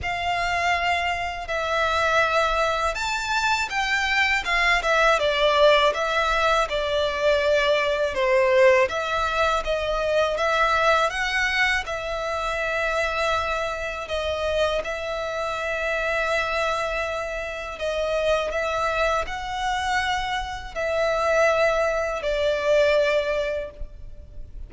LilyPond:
\new Staff \with { instrumentName = "violin" } { \time 4/4 \tempo 4 = 81 f''2 e''2 | a''4 g''4 f''8 e''8 d''4 | e''4 d''2 c''4 | e''4 dis''4 e''4 fis''4 |
e''2. dis''4 | e''1 | dis''4 e''4 fis''2 | e''2 d''2 | }